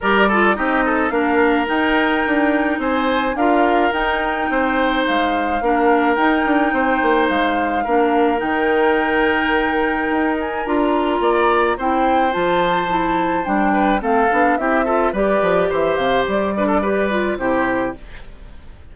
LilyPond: <<
  \new Staff \with { instrumentName = "flute" } { \time 4/4 \tempo 4 = 107 d''4 dis''4 f''4 g''4~ | g''4 gis''4 f''4 g''4~ | g''4 f''2 g''4~ | g''4 f''2 g''4~ |
g''2~ g''8 gis''8 ais''4~ | ais''4 g''4 a''2 | g''4 f''4 e''4 d''4 | e''8 f''8 d''2 c''4 | }
  \new Staff \with { instrumentName = "oboe" } { \time 4/4 ais'8 a'8 g'8 a'8 ais'2~ | ais'4 c''4 ais'2 | c''2 ais'2 | c''2 ais'2~ |
ais'1 | d''4 c''2.~ | c''8 b'8 a'4 g'8 a'8 b'4 | c''4. b'16 a'16 b'4 g'4 | }
  \new Staff \with { instrumentName = "clarinet" } { \time 4/4 g'8 f'8 dis'4 d'4 dis'4~ | dis'2 f'4 dis'4~ | dis'2 d'4 dis'4~ | dis'2 d'4 dis'4~ |
dis'2. f'4~ | f'4 e'4 f'4 e'4 | d'4 c'8 d'8 e'8 f'8 g'4~ | g'4. d'8 g'8 f'8 e'4 | }
  \new Staff \with { instrumentName = "bassoon" } { \time 4/4 g4 c'4 ais4 dis'4 | d'4 c'4 d'4 dis'4 | c'4 gis4 ais4 dis'8 d'8 | c'8 ais8 gis4 ais4 dis4~ |
dis2 dis'4 d'4 | ais4 c'4 f2 | g4 a8 b8 c'4 g8 f8 | e8 c8 g2 c4 | }
>>